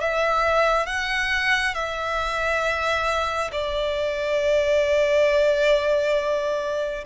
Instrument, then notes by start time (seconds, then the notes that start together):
violin
0.00 E5
0.86 F#5
1.74 E5
3.51 D5